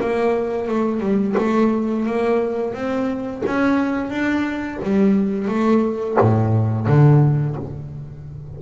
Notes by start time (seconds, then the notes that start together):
0.00 A#3
0.68 A3
1.01 G3
1.38 A3
2.06 A#3
2.74 C4
3.46 C#4
4.10 D4
4.83 G3
5.48 A3
6.20 A2
6.87 D3